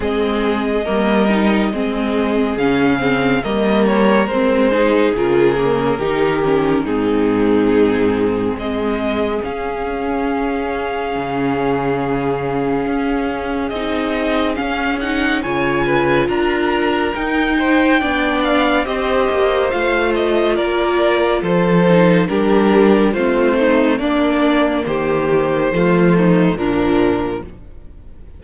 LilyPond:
<<
  \new Staff \with { instrumentName = "violin" } { \time 4/4 \tempo 4 = 70 dis''2. f''4 | dis''8 cis''8 c''4 ais'2 | gis'2 dis''4 f''4~ | f''1 |
dis''4 f''8 fis''8 gis''4 ais''4 | g''4. f''8 dis''4 f''8 dis''8 | d''4 c''4 ais'4 c''4 | d''4 c''2 ais'4 | }
  \new Staff \with { instrumentName = "violin" } { \time 4/4 gis'4 ais'4 gis'2 | ais'4. gis'4. g'4 | dis'2 gis'2~ | gis'1~ |
gis'2 cis''8 b'8 ais'4~ | ais'8 c''8 d''4 c''2 | ais'4 a'4 g'4 f'8 dis'8 | d'4 g'4 f'8 dis'8 d'4 | }
  \new Staff \with { instrumentName = "viola" } { \time 4/4 c'4 ais8 dis'8 c'4 cis'8 c'8 | ais4 c'8 dis'8 f'8 ais8 dis'8 cis'8 | c'2. cis'4~ | cis'1 |
dis'4 cis'8 dis'8 f'2 | dis'4 d'4 g'4 f'4~ | f'4. dis'8 d'4 c'4 | ais2 a4 f4 | }
  \new Staff \with { instrumentName = "cello" } { \time 4/4 gis4 g4 gis4 cis4 | g4 gis4 cis4 dis4 | gis,2 gis4 cis'4~ | cis'4 cis2 cis'4 |
c'4 cis'4 cis4 d'4 | dis'4 b4 c'8 ais8 a4 | ais4 f4 g4 a4 | ais4 dis4 f4 ais,4 | }
>>